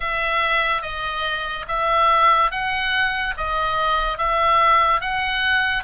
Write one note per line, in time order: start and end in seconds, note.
0.00 0.81 E5
0.82 1.65 D#5
1.67 2.51 E5
2.51 3.34 F#5
3.37 4.17 D#5
4.17 5.00 E5
5.00 5.83 F#5